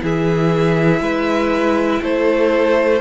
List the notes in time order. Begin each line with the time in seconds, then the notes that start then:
0.00 E3 E4 G#4 E5
1.00 G#3 B4
2.02 A3 A4 C5